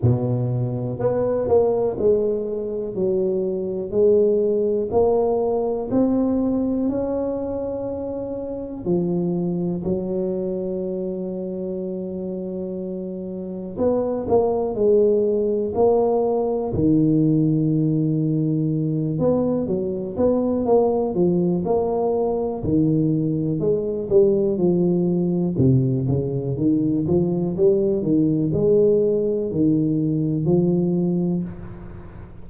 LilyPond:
\new Staff \with { instrumentName = "tuba" } { \time 4/4 \tempo 4 = 61 b,4 b8 ais8 gis4 fis4 | gis4 ais4 c'4 cis'4~ | cis'4 f4 fis2~ | fis2 b8 ais8 gis4 |
ais4 dis2~ dis8 b8 | fis8 b8 ais8 f8 ais4 dis4 | gis8 g8 f4 c8 cis8 dis8 f8 | g8 dis8 gis4 dis4 f4 | }